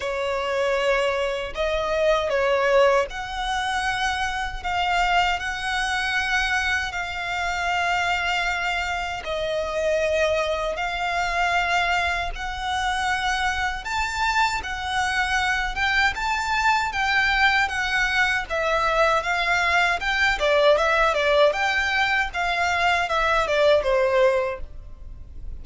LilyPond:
\new Staff \with { instrumentName = "violin" } { \time 4/4 \tempo 4 = 78 cis''2 dis''4 cis''4 | fis''2 f''4 fis''4~ | fis''4 f''2. | dis''2 f''2 |
fis''2 a''4 fis''4~ | fis''8 g''8 a''4 g''4 fis''4 | e''4 f''4 g''8 d''8 e''8 d''8 | g''4 f''4 e''8 d''8 c''4 | }